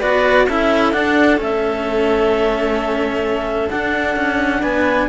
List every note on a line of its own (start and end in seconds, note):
0.00 0.48 B3
0.00 0.48 F#4
0.00 0.46 B4
0.00 0.47 D5
0.48 0.94 C#4
0.48 0.93 E4
0.48 4.61 A4
0.48 0.93 E5
0.93 1.38 D4
0.93 1.41 D4
0.93 1.39 F#5
1.38 3.71 A3
1.38 3.69 C#4
1.38 3.70 E5
3.70 4.17 D4
3.70 5.09 D4
3.70 4.63 F#5
4.17 4.63 C#4
4.61 5.09 B3
4.61 5.07 B4
4.61 5.09 G#5